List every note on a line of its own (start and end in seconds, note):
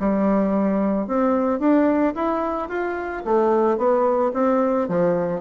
0.00 1.08 G3
1.08 1.60 C4
1.60 2.14 D4
2.15 2.69 E4
2.69 3.24 F4
3.25 3.78 A3
3.78 4.33 B3
4.34 4.89 C4
4.89 5.41 F3